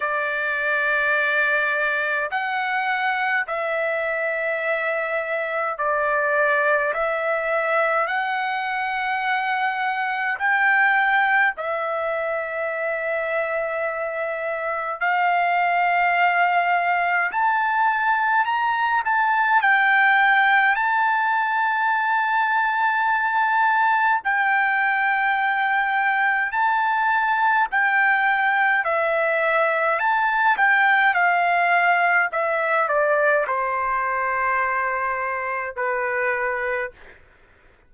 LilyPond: \new Staff \with { instrumentName = "trumpet" } { \time 4/4 \tempo 4 = 52 d''2 fis''4 e''4~ | e''4 d''4 e''4 fis''4~ | fis''4 g''4 e''2~ | e''4 f''2 a''4 |
ais''8 a''8 g''4 a''2~ | a''4 g''2 a''4 | g''4 e''4 a''8 g''8 f''4 | e''8 d''8 c''2 b'4 | }